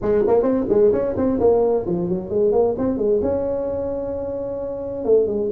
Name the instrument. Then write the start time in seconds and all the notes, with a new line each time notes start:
tuba
0.01 G#3
0.27 A#3
0.42 C4
0.69 G#3
0.92 C#4
1.16 C4
1.39 A#3
1.85 F3
2.09 F#3
2.29 G#3
2.51 A#3
2.78 C4
2.97 G#3
3.21 C#4
5.04 A3
5.27 G#3